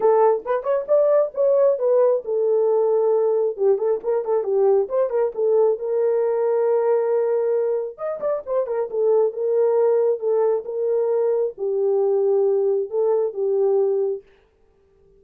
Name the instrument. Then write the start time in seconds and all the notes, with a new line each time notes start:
horn
0.00 A4
0.45 B4
0.63 C#5
0.88 D5
1.34 C#5
1.78 B4
2.24 A4
3.57 G4
3.78 A4
4.03 A#4
4.24 A4
4.43 G4
4.88 C5
5.10 A#4
5.34 A4
5.78 A#4
7.97 D#5
8.20 D5
8.46 C5
8.66 A#4
8.90 A4
9.32 A#4
10.19 A4
10.64 A#4
11.57 G4
12.89 A4
13.33 G4